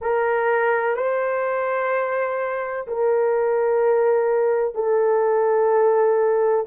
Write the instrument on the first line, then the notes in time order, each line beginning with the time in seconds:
horn
0.01 A#4
0.96 C5
2.87 A#4
4.74 A4